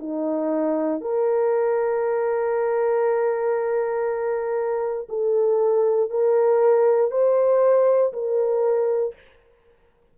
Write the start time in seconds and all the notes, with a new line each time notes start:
0.00 D#4
1.02 A#4
5.09 A4
6.11 A#4
7.11 C5
8.14 A#4